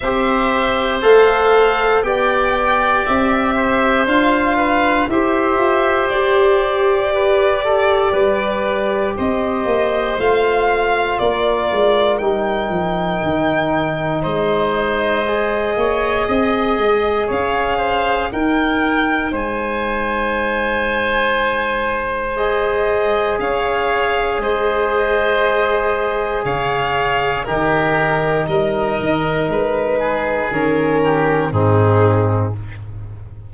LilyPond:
<<
  \new Staff \with { instrumentName = "violin" } { \time 4/4 \tempo 4 = 59 e''4 f''4 g''4 e''4 | f''4 e''4 d''2~ | d''4 dis''4 f''4 d''4 | g''2 dis''2~ |
dis''4 f''4 g''4 gis''4~ | gis''2 dis''4 f''4 | dis''2 f''4 ais'4 | dis''4 b'4 ais'4 gis'4 | }
  \new Staff \with { instrumentName = "oboe" } { \time 4/4 c''2 d''4. c''8~ | c''8 b'8 c''2 b'8 a'8 | b'4 c''2 ais'4~ | ais'2 c''4. cis''8 |
dis''4 cis''8 c''8 ais'4 c''4~ | c''2. cis''4 | c''2 cis''4 g'4 | ais'4. gis'4 g'8 dis'4 | }
  \new Staff \with { instrumentName = "trombone" } { \time 4/4 g'4 a'4 g'2 | f'4 g'2.~ | g'2 f'2 | dis'2. gis'4~ |
gis'2 dis'2~ | dis'2 gis'2~ | gis'2. dis'4~ | dis'2 cis'4 c'4 | }
  \new Staff \with { instrumentName = "tuba" } { \time 4/4 c'4 a4 b4 c'4 | d'4 e'8 f'8 g'2 | g4 c'8 ais8 a4 ais8 gis8 | g8 f8 dis4 gis4. ais8 |
c'8 gis8 cis'4 dis'4 gis4~ | gis2. cis'4 | gis2 cis4 dis4 | g8 dis8 gis4 dis4 gis,4 | }
>>